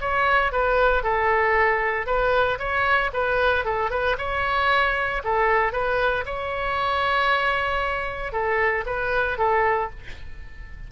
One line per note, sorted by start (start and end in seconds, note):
0.00 0.52 C#5
0.52 1.03 B4
1.03 2.06 A4
2.06 2.58 B4
2.58 3.11 C#5
3.13 3.64 B4
3.64 3.90 A4
3.90 4.16 B4
4.18 5.22 C#5
5.24 5.72 A4
5.72 6.24 B4
6.25 8.32 C#5
8.32 8.84 A4
8.86 9.38 B4
9.38 9.90 A4